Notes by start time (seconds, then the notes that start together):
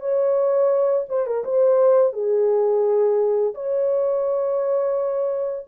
0.00 C#5
1.09 C5
1.26 A#4
1.44 C5
2.13 G#4
3.55 C#5